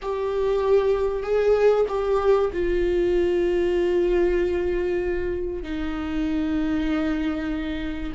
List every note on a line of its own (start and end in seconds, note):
0.02 1.22 G4
1.22 1.85 G#4
1.88 2.50 G4
2.52 5.62 F4
5.62 8.12 D#4